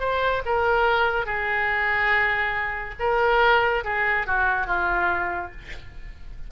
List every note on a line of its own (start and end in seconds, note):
0.00 0.42 C5
0.45 1.26 A#4
1.26 2.95 G#4
2.99 3.84 A#4
3.84 4.26 G#4
4.26 4.67 F#4
4.67 5.51 F4